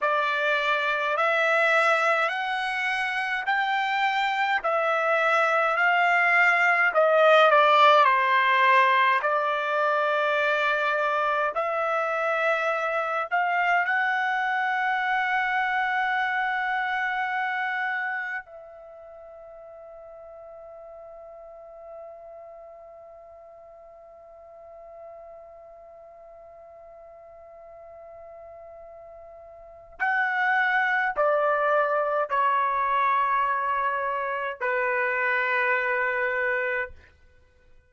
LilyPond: \new Staff \with { instrumentName = "trumpet" } { \time 4/4 \tempo 4 = 52 d''4 e''4 fis''4 g''4 | e''4 f''4 dis''8 d''8 c''4 | d''2 e''4. f''8 | fis''1 |
e''1~ | e''1~ | e''2 fis''4 d''4 | cis''2 b'2 | }